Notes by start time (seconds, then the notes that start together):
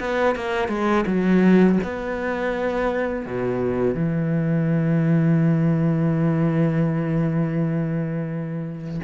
0.00 B3
0.36 A#3
0.69 G#3
1.07 F#3
1.83 B3
3.26 B2
3.95 E3